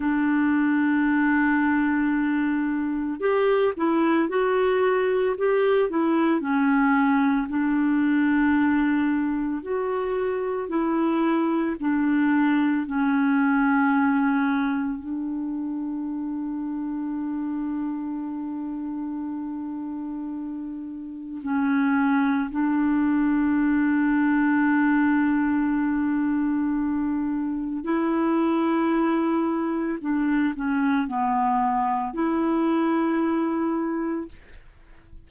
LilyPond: \new Staff \with { instrumentName = "clarinet" } { \time 4/4 \tempo 4 = 56 d'2. g'8 e'8 | fis'4 g'8 e'8 cis'4 d'4~ | d'4 fis'4 e'4 d'4 | cis'2 d'2~ |
d'1 | cis'4 d'2.~ | d'2 e'2 | d'8 cis'8 b4 e'2 | }